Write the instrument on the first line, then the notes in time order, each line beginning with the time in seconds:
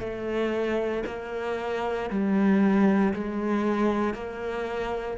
cello
0.00 A3
1.07 A#3
2.10 G3
3.14 G#3
4.14 A#3